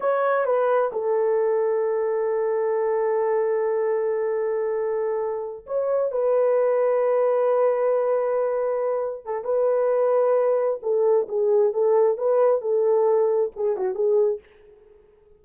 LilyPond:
\new Staff \with { instrumentName = "horn" } { \time 4/4 \tempo 4 = 133 cis''4 b'4 a'2~ | a'1~ | a'1~ | a'8 cis''4 b'2~ b'8~ |
b'1~ | b'8 a'8 b'2. | a'4 gis'4 a'4 b'4 | a'2 gis'8 fis'8 gis'4 | }